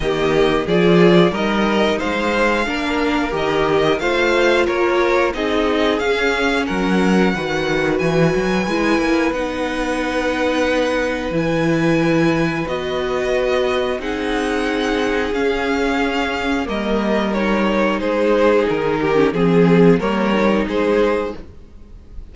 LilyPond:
<<
  \new Staff \with { instrumentName = "violin" } { \time 4/4 \tempo 4 = 90 dis''4 d''4 dis''4 f''4~ | f''4 dis''4 f''4 cis''4 | dis''4 f''4 fis''2 | gis''2 fis''2~ |
fis''4 gis''2 dis''4~ | dis''4 fis''2 f''4~ | f''4 dis''4 cis''4 c''4 | ais'4 gis'4 cis''4 c''4 | }
  \new Staff \with { instrumentName = "violin" } { \time 4/4 g'4 gis'4 ais'4 c''4 | ais'2 c''4 ais'4 | gis'2 ais'4 b'4~ | b'1~ |
b'1~ | b'4 gis'2.~ | gis'4 ais'2 gis'4~ | gis'8 g'8 gis'4 ais'4 gis'4 | }
  \new Staff \with { instrumentName = "viola" } { \time 4/4 ais4 f'4 dis'2 | d'4 g'4 f'2 | dis'4 cis'2 fis'4~ | fis'4 e'4 dis'2~ |
dis'4 e'2 fis'4~ | fis'4 dis'2 cis'4~ | cis'4 ais4 dis'2~ | dis'8. cis'16 c'4 ais8 dis'4. | }
  \new Staff \with { instrumentName = "cello" } { \time 4/4 dis4 f4 g4 gis4 | ais4 dis4 a4 ais4 | c'4 cis'4 fis4 dis4 | e8 fis8 gis8 ais8 b2~ |
b4 e2 b4~ | b4 c'2 cis'4~ | cis'4 g2 gis4 | dis4 f4 g4 gis4 | }
>>